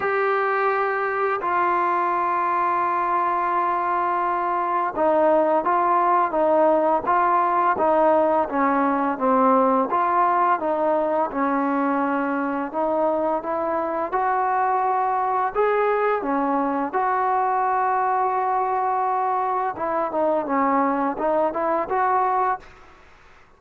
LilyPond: \new Staff \with { instrumentName = "trombone" } { \time 4/4 \tempo 4 = 85 g'2 f'2~ | f'2. dis'4 | f'4 dis'4 f'4 dis'4 | cis'4 c'4 f'4 dis'4 |
cis'2 dis'4 e'4 | fis'2 gis'4 cis'4 | fis'1 | e'8 dis'8 cis'4 dis'8 e'8 fis'4 | }